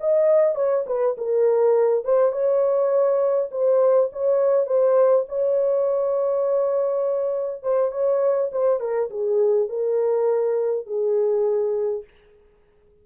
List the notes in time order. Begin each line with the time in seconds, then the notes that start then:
0.00 D#5
0.55 C#5
0.87 B4
1.18 A#4
2.04 C5
2.32 C#5
3.51 C5
4.12 C#5
4.66 C5
5.29 C#5
7.63 C5
7.91 C#5
8.52 C5
8.80 A#4
9.10 G#4
9.69 A#4
10.87 G#4